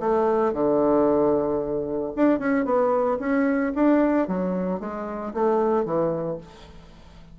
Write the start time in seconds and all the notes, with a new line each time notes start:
0.00 A3
0.53 D3
2.16 D4
2.39 C#4
2.65 B3
3.20 C#4
3.75 D4
4.28 F#3
4.80 G#3
5.34 A3
5.85 E3